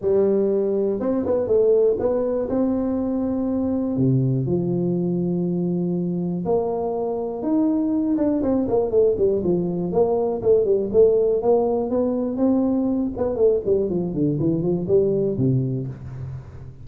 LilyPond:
\new Staff \with { instrumentName = "tuba" } { \time 4/4 \tempo 4 = 121 g2 c'8 b8 a4 | b4 c'2. | c4 f2.~ | f4 ais2 dis'4~ |
dis'8 d'8 c'8 ais8 a8 g8 f4 | ais4 a8 g8 a4 ais4 | b4 c'4. b8 a8 g8 | f8 d8 e8 f8 g4 c4 | }